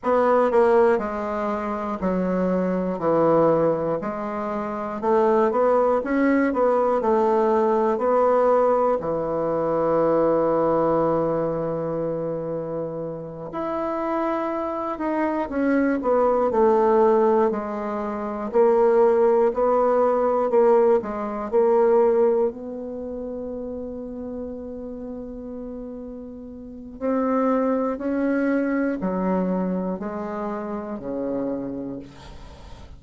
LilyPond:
\new Staff \with { instrumentName = "bassoon" } { \time 4/4 \tempo 4 = 60 b8 ais8 gis4 fis4 e4 | gis4 a8 b8 cis'8 b8 a4 | b4 e2.~ | e4. e'4. dis'8 cis'8 |
b8 a4 gis4 ais4 b8~ | b8 ais8 gis8 ais4 b4.~ | b2. c'4 | cis'4 fis4 gis4 cis4 | }